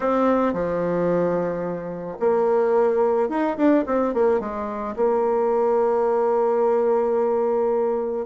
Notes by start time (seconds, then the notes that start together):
0.00 C4
0.53 F3
2.19 A#3
3.29 D#4
3.57 D4
3.86 C4
4.13 A#3
4.40 G#3
4.95 A#3